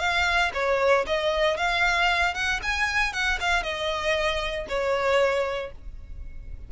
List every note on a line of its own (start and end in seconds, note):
0.00 0.52 F5
0.54 1.06 C#5
1.07 1.58 D#5
1.58 2.35 F5
2.35 2.61 F#5
2.63 3.13 G#5
3.13 3.39 F#5
3.41 3.64 F5
3.64 4.67 D#5
4.69 5.72 C#5